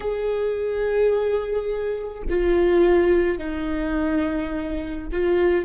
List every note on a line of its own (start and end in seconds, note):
0.00 2.22 G#4
2.29 3.38 F4
3.38 5.07 D#4
5.12 5.65 F4